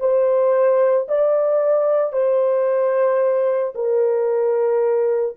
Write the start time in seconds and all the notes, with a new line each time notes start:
0.00 C5
1.09 D5
2.13 C5
3.75 A#4